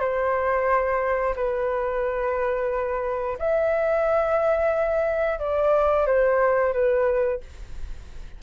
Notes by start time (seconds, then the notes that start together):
0.00 C5
1.35 B4
3.39 E5
5.39 D5
6.06 C5
6.73 B4